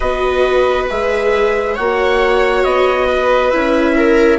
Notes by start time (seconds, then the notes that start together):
0.00 B3 F#4 B4 D#5
0.89 G#3 G#4 E5
1.74 A#3 F#4 C#5 F#5
2.64 B3 D#5
3.07 B4
3.51 C#4 E4 E5
3.96 A#4